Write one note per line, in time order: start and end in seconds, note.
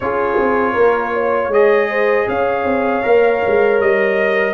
0.00 0.38 C#4
0.00 1.52 F4
0.00 0.73 G#4
0.00 1.52 C#5
0.39 0.75 C4
0.73 1.47 A#3
0.73 1.11 A#4
1.13 1.89 C#5
1.47 2.23 G#3
1.47 3.03 G#4
1.47 2.28 D#5
1.89 2.27 C5
2.28 2.64 C#4
2.28 4.54 C#5
2.28 3.80 F5
2.64 3.02 C4
3.03 3.42 A#3
3.03 4.54 A#4
3.46 3.80 G#3
3.80 4.54 G3
3.80 4.54 D#5